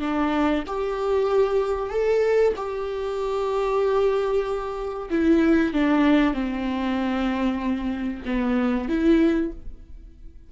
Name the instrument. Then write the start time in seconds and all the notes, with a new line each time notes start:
viola
0.00 D4
0.67 G4
1.90 A4
2.56 G4
5.10 E4
5.73 D4
6.33 C4
8.25 B3
8.89 E4